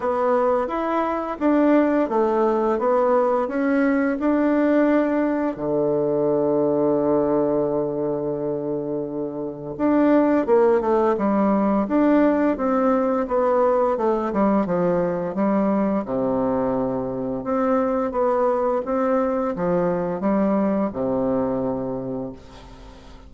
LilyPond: \new Staff \with { instrumentName = "bassoon" } { \time 4/4 \tempo 4 = 86 b4 e'4 d'4 a4 | b4 cis'4 d'2 | d1~ | d2 d'4 ais8 a8 |
g4 d'4 c'4 b4 | a8 g8 f4 g4 c4~ | c4 c'4 b4 c'4 | f4 g4 c2 | }